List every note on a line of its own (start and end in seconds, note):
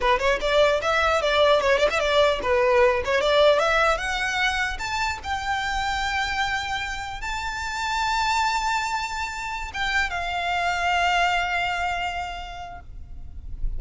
0.00 0.19 B4
0.19 0.39 C#5
0.41 0.81 D5
0.81 1.21 E5
1.21 1.61 D5
1.61 1.78 C#5
1.78 1.88 D5
1.90 1.99 E5
1.99 2.39 D5
2.42 3.02 B4
3.04 3.21 C#5
3.21 3.59 D5
3.59 3.97 E5
3.97 4.77 F#5
4.78 5.18 A5
5.23 7.21 G5
7.21 9.71 A5
9.73 10.10 G5
10.10 12.80 F5